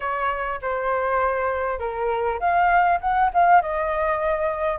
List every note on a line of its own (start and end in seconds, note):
0.00 0.60 C#5
0.61 1.79 C5
1.79 2.39 A#4
2.39 2.99 F5
3.00 3.30 F#5
3.33 3.61 F5
3.61 4.78 D#5